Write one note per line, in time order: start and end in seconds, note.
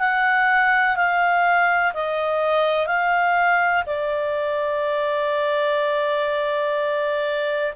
0.00 0.97 F#5
0.97 1.94 F5
1.94 2.87 D#5
2.87 3.84 F5
3.87 7.74 D5